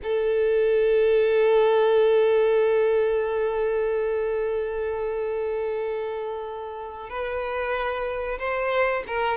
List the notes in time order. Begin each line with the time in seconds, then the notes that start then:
0.03 A4
7.09 B4
8.38 C5
9.07 A#4